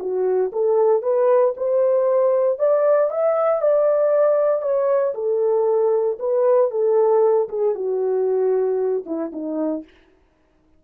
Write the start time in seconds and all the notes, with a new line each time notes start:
0.00 F#4
0.52 A4
1.03 B4
1.57 C5
2.59 D5
3.11 E5
3.62 D5
4.62 C#5
5.15 A4
6.20 B4
6.71 A4
7.49 G#4
7.75 F#4
9.06 E4
9.32 D#4